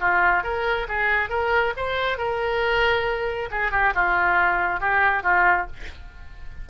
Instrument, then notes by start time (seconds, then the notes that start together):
oboe
0.00 F4
0.43 A#4
0.88 G#4
1.29 A#4
1.77 C5
2.18 A#4
3.51 G#4
3.71 G4
3.94 F4
4.80 G4
5.23 F4